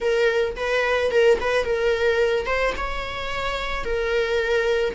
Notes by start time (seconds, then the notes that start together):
0.00 A#4
0.56 B4
1.11 A#4
1.40 B4
1.64 A#4
2.45 C5
2.76 C#5
3.84 A#4